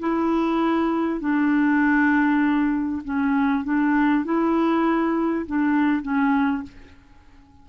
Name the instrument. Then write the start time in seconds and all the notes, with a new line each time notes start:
clarinet
0.00 E4
1.21 D4
3.05 C#4
3.64 D4
4.25 E4
5.47 D4
6.03 C#4